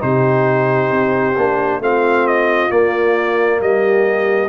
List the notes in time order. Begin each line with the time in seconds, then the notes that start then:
0.00 C3 D#4 G4 C5
0.91 C4
1.37 A#3 D4
1.80 A3 C4 F4 F5
2.28 D#5
2.71 A#3 D5
3.61 G3 G4 D#5